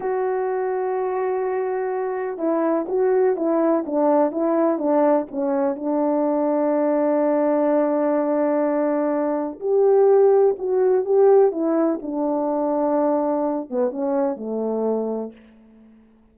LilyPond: \new Staff \with { instrumentName = "horn" } { \time 4/4 \tempo 4 = 125 fis'1~ | fis'4 e'4 fis'4 e'4 | d'4 e'4 d'4 cis'4 | d'1~ |
d'1 | g'2 fis'4 g'4 | e'4 d'2.~ | d'8 b8 cis'4 a2 | }